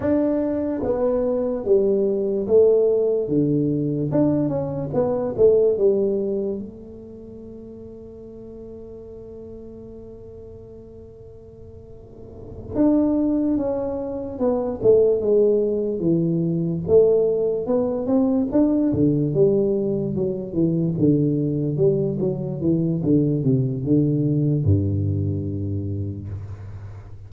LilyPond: \new Staff \with { instrumentName = "tuba" } { \time 4/4 \tempo 4 = 73 d'4 b4 g4 a4 | d4 d'8 cis'8 b8 a8 g4 | a1~ | a2.~ a8 d'8~ |
d'8 cis'4 b8 a8 gis4 e8~ | e8 a4 b8 c'8 d'8 d8 g8~ | g8 fis8 e8 d4 g8 fis8 e8 | d8 c8 d4 g,2 | }